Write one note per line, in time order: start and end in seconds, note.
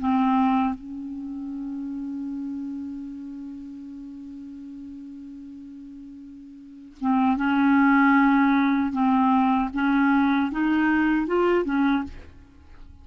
0.00 0.75 C4
0.75 6.98 C#4
7.01 7.37 C4
7.37 8.93 C#4
8.93 9.71 C4
9.74 10.52 C#4
10.52 11.27 D#4
11.27 11.65 F4
11.65 12.04 C#4